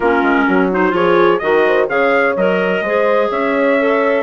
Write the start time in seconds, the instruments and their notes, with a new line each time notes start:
0.00 bassoon A#3, clarinet C#4, horn F4, trumpet A#4
0.22 bassoon G#3
0.47 bassoon F#3, horn F#4
0.71 clarinet D#4, trumpet C5
0.90 bassoon F3, clarinet F4, horn G#4, trumpet C#5
1.39 bassoon D#3, clarinet F#4, horn A#4, trumpet D#5
1.66 horn C5
1.88 bassoon C#3, clarinet G#4, horn C#5, trumpet F5
2.36 bassoon F#3, clarinet A#4, trumpet D#5
2.81 bassoon G#3, clarinet G#4, horn C5
3.30 bassoon C#4, horn C#5, trumpet E5
3.79 clarinet A4